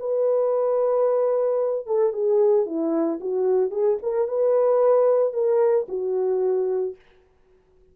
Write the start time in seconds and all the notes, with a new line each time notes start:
0.00 B4
1.87 A4
2.13 G#4
2.66 E4
3.21 F#4
3.71 G#4
4.03 A#4
4.28 B4
5.34 A#4
5.89 F#4